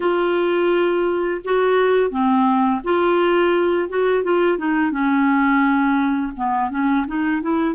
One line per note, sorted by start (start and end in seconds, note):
0.00 1.41 F4
1.44 2.10 F#4
2.10 2.81 C4
2.84 3.89 F4
3.89 4.23 F#4
4.23 4.58 F4
4.58 4.91 D#4
4.91 6.32 C#4
6.36 6.70 B3
6.70 7.06 C#4
7.07 7.42 D#4
7.42 7.75 E4